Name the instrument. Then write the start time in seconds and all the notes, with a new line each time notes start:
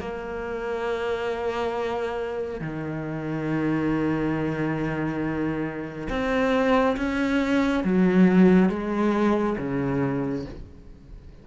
cello
0.00 A#3
2.61 D#3
6.10 C4
6.97 C#4
7.85 F#3
8.70 G#3
9.58 C#3